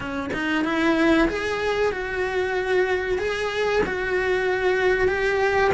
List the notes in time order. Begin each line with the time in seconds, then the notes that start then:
0.00 C#4
0.33 D#4
0.64 E4
1.28 G#4
1.92 F#4
3.18 G#4
3.86 F#4
5.07 G4